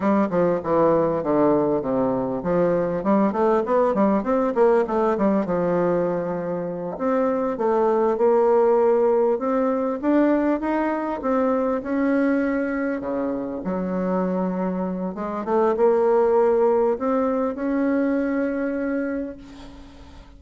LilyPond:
\new Staff \with { instrumentName = "bassoon" } { \time 4/4 \tempo 4 = 99 g8 f8 e4 d4 c4 | f4 g8 a8 b8 g8 c'8 ais8 | a8 g8 f2~ f8 c'8~ | c'8 a4 ais2 c'8~ |
c'8 d'4 dis'4 c'4 cis'8~ | cis'4. cis4 fis4.~ | fis4 gis8 a8 ais2 | c'4 cis'2. | }